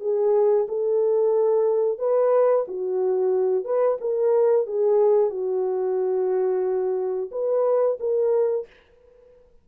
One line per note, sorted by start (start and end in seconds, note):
0.00 0.67 G#4
0.68 1.98 A4
1.98 2.65 B4
2.68 3.65 F#4
3.65 3.98 B4
4.01 4.66 A#4
4.66 5.30 G#4
5.30 7.30 F#4
7.31 7.98 B4
8.00 8.66 A#4